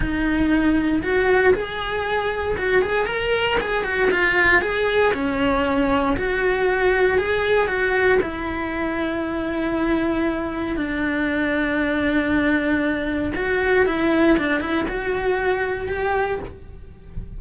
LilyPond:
\new Staff \with { instrumentName = "cello" } { \time 4/4 \tempo 4 = 117 dis'2 fis'4 gis'4~ | gis'4 fis'8 gis'8 ais'4 gis'8 fis'8 | f'4 gis'4 cis'2 | fis'2 gis'4 fis'4 |
e'1~ | e'4 d'2.~ | d'2 fis'4 e'4 | d'8 e'8 fis'2 g'4 | }